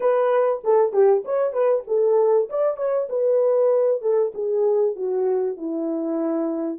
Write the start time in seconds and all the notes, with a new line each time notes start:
0.00 B4
0.64 A4
0.93 G4
1.24 C#5
1.52 B4
1.87 A4
2.49 D5
2.77 C#5
3.09 B4
4.01 A4
4.34 G#4
4.95 F#4
5.56 E4